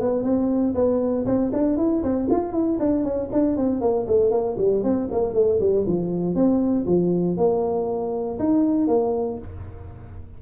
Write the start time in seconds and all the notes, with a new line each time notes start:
0.00 B3
0.23 C4
0.74 B3
1.25 C4
1.52 D4
1.77 E4
2.03 C4
2.30 F4
2.52 E4
2.79 D4
3.04 C#4
3.32 D4
3.56 C4
3.81 A#3
4.07 A3
4.31 A#3
4.58 G3
4.83 C4
5.11 A#3
5.34 A3
5.60 G3
5.86 F3
6.35 C4
6.86 F3
7.37 A#3
8.39 D#4
8.87 A#3